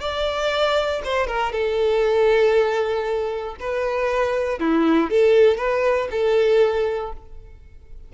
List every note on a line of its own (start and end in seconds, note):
0.00 1.02 D5
1.04 1.27 C5
1.27 1.52 A#4
1.52 3.55 A4
3.60 4.59 B4
4.59 5.10 E4
5.10 5.57 A4
5.57 6.08 B4
6.11 7.12 A4